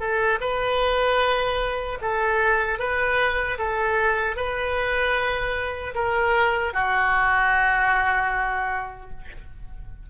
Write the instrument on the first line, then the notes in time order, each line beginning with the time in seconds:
oboe
0.00 A4
0.41 B4
2.02 A4
2.79 B4
3.59 A4
4.37 B4
5.95 A#4
6.74 F#4